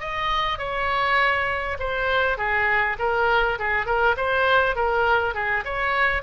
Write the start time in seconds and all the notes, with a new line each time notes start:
0.00 D#5
0.58 C#5
1.79 C5
2.37 G#4
2.99 A#4
3.59 G#4
3.86 A#4
4.17 C5
4.76 A#4
5.34 G#4
5.65 C#5